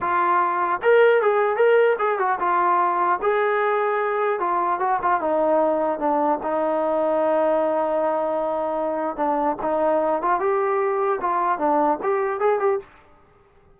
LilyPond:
\new Staff \with { instrumentName = "trombone" } { \time 4/4 \tempo 4 = 150 f'2 ais'4 gis'4 | ais'4 gis'8 fis'8 f'2 | gis'2. f'4 | fis'8 f'8 dis'2 d'4 |
dis'1~ | dis'2. d'4 | dis'4. f'8 g'2 | f'4 d'4 g'4 gis'8 g'8 | }